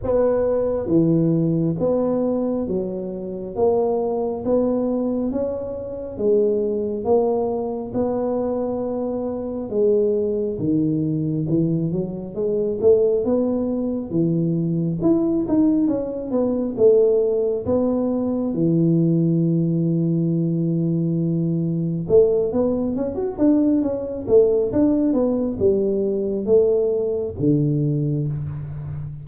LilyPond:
\new Staff \with { instrumentName = "tuba" } { \time 4/4 \tempo 4 = 68 b4 e4 b4 fis4 | ais4 b4 cis'4 gis4 | ais4 b2 gis4 | dis4 e8 fis8 gis8 a8 b4 |
e4 e'8 dis'8 cis'8 b8 a4 | b4 e2.~ | e4 a8 b8 cis'16 fis'16 d'8 cis'8 a8 | d'8 b8 g4 a4 d4 | }